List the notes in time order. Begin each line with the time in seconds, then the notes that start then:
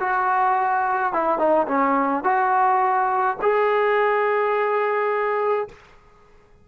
0.00 F#4
1.13 E4
1.39 D#4
1.68 C#4
2.24 F#4
3.42 G#4